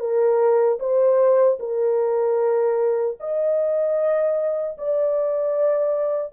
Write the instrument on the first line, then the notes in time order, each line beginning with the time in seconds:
horn
0.00 A#4
0.79 C5
1.60 A#4
3.20 D#5
4.78 D5